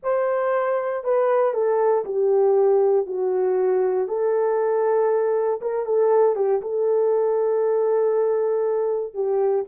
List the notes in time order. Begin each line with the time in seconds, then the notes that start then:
0.02 C5
1.04 B4
1.53 A4
2.05 G4
3.06 F#4
4.08 A4
5.61 A#4
5.85 A4
6.35 G4
6.61 A4
9.14 G4